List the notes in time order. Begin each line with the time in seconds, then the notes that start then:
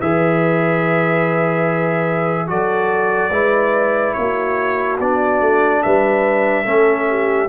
0.00 E3 G#4 B4 E5
2.47 F#3 F#4 A4 D5
3.31 G#3 E4 B4
4.14 A#3 C#5
4.20 F#4
5.00 B3 D4 D5
5.41 A3
5.83 G3 B4 E5
6.64 A3 C#4 A4
7.09 G4